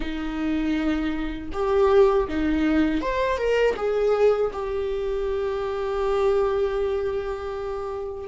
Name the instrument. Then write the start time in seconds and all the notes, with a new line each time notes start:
viola
0.00 D#4
1.52 G4
2.27 D#4
3.01 C5
3.37 A#4
3.76 G#4
4.52 G4